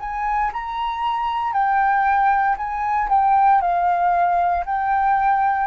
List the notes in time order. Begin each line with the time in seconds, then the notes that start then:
0.00 G#5
0.53 A#5
1.52 G5
2.57 G#5
3.09 G5
3.61 F5
4.66 G5